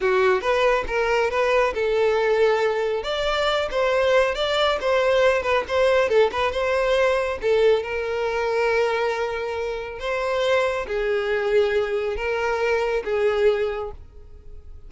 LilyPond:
\new Staff \with { instrumentName = "violin" } { \time 4/4 \tempo 4 = 138 fis'4 b'4 ais'4 b'4 | a'2. d''4~ | d''8 c''4. d''4 c''4~ | c''8 b'8 c''4 a'8 b'8 c''4~ |
c''4 a'4 ais'2~ | ais'2. c''4~ | c''4 gis'2. | ais'2 gis'2 | }